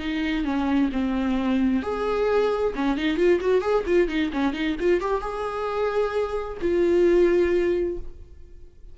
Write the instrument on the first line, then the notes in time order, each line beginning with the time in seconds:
viola
0.00 D#4
0.45 C#4
0.93 C4
1.83 G#4
2.76 C#4
2.98 D#4
3.17 F4
3.41 F#4
3.62 G#4
3.87 F4
4.09 D#4
4.33 C#4
4.54 D#4
4.80 F4
5.01 G4
5.21 G#4
6.62 F4